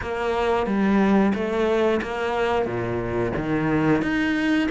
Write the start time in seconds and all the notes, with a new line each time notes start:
0.01 A#3
0.66 G3
1.34 A3
2.02 A#3
2.65 A#2
3.36 D#3
4.02 D#4